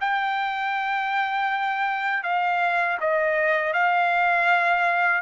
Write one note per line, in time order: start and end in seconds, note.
0.00 2.23 G5
2.23 2.98 F5
3.00 3.73 D#5
3.73 5.21 F5